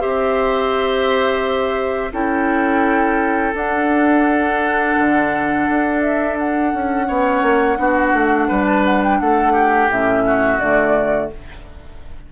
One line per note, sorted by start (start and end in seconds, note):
0.00 2.13 C4
0.00 2.12 G4
0.00 2.13 C5
0.00 2.14 E5
2.12 3.54 C#4
2.12 3.54 E4
2.12 7.07 A4
2.12 3.55 G5
3.55 4.96 D4
3.55 7.08 D4
3.55 6.02 F#5
4.99 5.69 D3
5.70 6.74 D4
6.02 6.37 E5
6.39 8.66 F#5
6.74 7.09 C#4
7.08 7.42 B3
7.08 7.77 C#4
7.08 7.78 C#5
7.42 7.78 A#3
7.77 8.14 B3
7.77 9.89 D4
7.77 8.48 F#4
8.14 8.49 A3
8.48 9.21 G3
8.48 9.19 B4
8.66 8.84 A5
8.85 9.03 F#5
9.04 9.21 G5
9.21 9.90 A3
9.21 9.53 A4
9.21 9.91 F#5
9.53 10.24 G4
9.90 10.60 A2
9.90 10.61 C#4
9.90 10.60 E5
10.27 11.33 F#4
10.60 11.31 D3
10.60 11.31 A3
10.60 11.31 D5